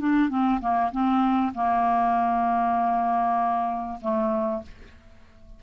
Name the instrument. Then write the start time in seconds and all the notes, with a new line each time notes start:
clarinet
0.00 D4
0.30 C4
0.61 A#3
0.92 C4
1.55 A#3
4.02 A3